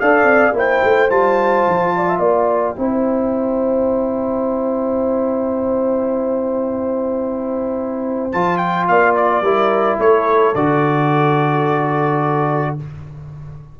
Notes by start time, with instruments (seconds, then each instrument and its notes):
0.00 tuba D4, trombone A4, horn D5, trumpet F5
0.23 tuba C4
0.53 tuba A#3, trombone E4, horn C5, trumpet G5
0.83 tuba A3
1.09 tuba G3, trombone F4, trumpet A5
1.68 tuba F3
1.96 horn D5
2.09 horn E5
2.19 tuba A#3, horn D5, trumpet G5
2.76 tuba C4, trombone E4, horn C5
8.32 tuba F3, trombone F4, trumpet A5
8.58 trumpet G5
8.87 tuba A#3, horn D5, trumpet F5
9.16 trumpet D5
9.41 tuba G3, trombone E4, horn A#4
9.98 tuba A3, horn A4, trumpet C#5
10.55 tuba D3, trombone F#4, trumpet D5